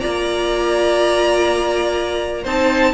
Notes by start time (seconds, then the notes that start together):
0.00 A#3 F4 D5 A#5
2.43 C4 D#4 C5 A5